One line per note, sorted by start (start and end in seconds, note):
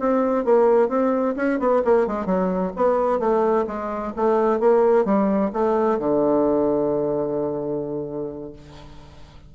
0.00 0.45 C4
0.45 0.89 A#3
0.89 1.35 C4
1.36 1.59 C#4
1.59 1.83 B3
1.85 2.07 A#3
2.07 2.26 G#3
2.26 2.72 F#3
2.77 3.20 B3
3.20 3.66 A3
3.67 4.13 G#3
4.16 4.60 A3
4.60 5.05 A#3
5.05 5.51 G3
5.53 5.99 A3
5.99 8.53 D3